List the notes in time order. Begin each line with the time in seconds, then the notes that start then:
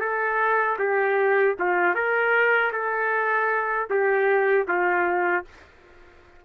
0.00 A4
0.78 G4
1.59 F4
1.94 A#4
2.72 A4
3.90 G4
4.68 F4